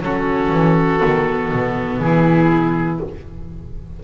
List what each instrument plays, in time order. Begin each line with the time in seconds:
0.00 double bass F#3, viola C#4, violin F#4, oboe A4
0.51 double bass E3
1.00 double bass D#3, viola B3
1.52 double bass B2
2.00 double bass E3, violin E4, oboe G#4